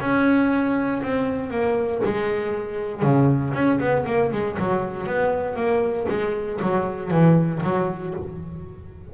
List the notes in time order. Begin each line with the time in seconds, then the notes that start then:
0.00 C#4
1.02 C4
1.50 A#3
2.04 G#3
3.02 C#3
3.53 C#4
3.80 B3
4.06 A#3
4.32 G#3
4.59 F#3
5.06 B3
5.56 A#3
6.09 G#3
6.61 F#3
7.11 E3
7.63 F#3